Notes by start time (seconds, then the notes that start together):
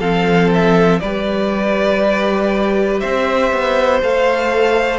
0.00 F3 C4 A4 F5
0.54 E5
1.00 G3 G4 B4 D5
3.00 C4 C5 E5
3.52 B3
4.03 A3 A4 F5